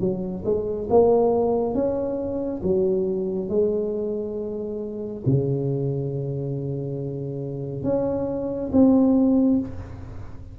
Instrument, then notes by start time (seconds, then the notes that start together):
tuba
0.00 F#3
0.45 G#3
0.90 A#3
1.74 C#4
2.62 F#3
3.49 G#3
5.26 C#3
7.83 C#4
8.72 C4